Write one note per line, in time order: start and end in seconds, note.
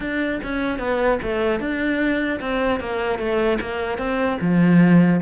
0.00 0.40 D4
0.43 0.79 C#4
0.79 1.19 B3
1.22 1.59 A3
1.59 2.39 D4
2.40 2.79 C4
2.79 3.18 A#3
3.18 3.58 A3
3.60 3.97 A#3
3.97 4.37 C4
4.40 5.20 F3